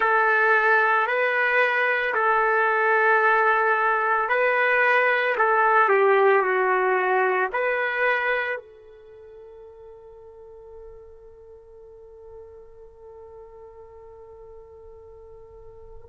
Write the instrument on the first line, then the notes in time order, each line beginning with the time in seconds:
trumpet
0.00 A4
1.07 B4
2.14 A4
4.29 B4
5.37 A4
5.88 G4
6.42 F#4
7.52 B4
8.57 A4